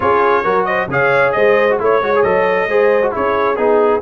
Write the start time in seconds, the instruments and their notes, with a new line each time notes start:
0.00 tuba C#4, trombone F4, horn G#4, trumpet C#5
0.44 tuba F#3, trombone F#4, horn A#4
0.65 horn C5, trumpet D#5
0.87 tuba C#3, trombone G#4, horn C#5, trumpet F5
1.32 tuba G#3, horn C5, trumpet D#5
1.69 trombone F#4
1.79 tuba A3, trombone E4, horn C#5, trumpet C#5
2.01 tuba G#3, trombone F#4
2.15 trombone G#4
2.22 tuba F#3, trombone A4, trumpet D#5
2.67 tuba G#3, trombone G#4, horn C5
3.02 trombone F#4
3.11 tuba C#4, trombone E4, horn G#4, trumpet C#5
3.56 tuba B3, trombone D#4, trumpet G#4